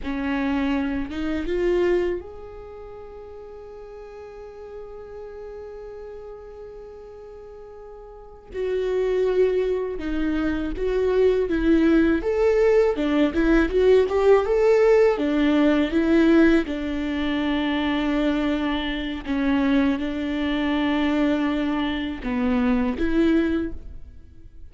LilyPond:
\new Staff \with { instrumentName = "viola" } { \time 4/4 \tempo 4 = 81 cis'4. dis'8 f'4 gis'4~ | gis'1~ | gis'2.~ gis'8 fis'8~ | fis'4. dis'4 fis'4 e'8~ |
e'8 a'4 d'8 e'8 fis'8 g'8 a'8~ | a'8 d'4 e'4 d'4.~ | d'2 cis'4 d'4~ | d'2 b4 e'4 | }